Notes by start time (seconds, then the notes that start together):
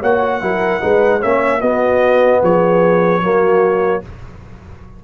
0.00 A#3 F#4 C#5 F#5
0.41 F#3 E4 A#4
0.81 G#3 D#4 B4
1.19 A#3 C#4 C#5 E5
1.61 B3 F#4 D#5
2.42 F3 G#4 C#5
3.21 F#3 A#3 F#4